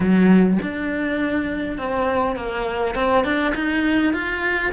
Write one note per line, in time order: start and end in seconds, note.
0.00 0.58 F#3
0.62 1.78 D4
1.78 2.36 C4
2.36 2.94 A#3
2.94 3.24 C4
3.24 3.53 D4
3.55 4.13 D#4
4.13 4.72 F4